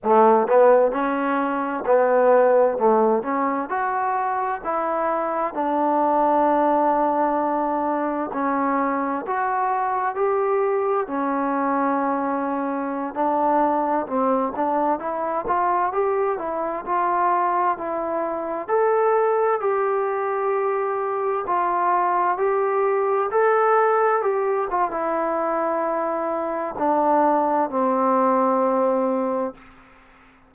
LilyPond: \new Staff \with { instrumentName = "trombone" } { \time 4/4 \tempo 4 = 65 a8 b8 cis'4 b4 a8 cis'8 | fis'4 e'4 d'2~ | d'4 cis'4 fis'4 g'4 | cis'2~ cis'16 d'4 c'8 d'16~ |
d'16 e'8 f'8 g'8 e'8 f'4 e'8.~ | e'16 a'4 g'2 f'8.~ | f'16 g'4 a'4 g'8 f'16 e'4~ | e'4 d'4 c'2 | }